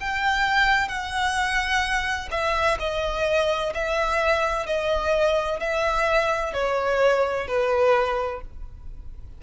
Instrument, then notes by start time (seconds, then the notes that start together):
violin
0.00 G5
0.88 F#5
2.31 E5
2.79 D#5
3.74 E5
4.66 D#5
5.60 E5
6.53 C#5
7.47 B4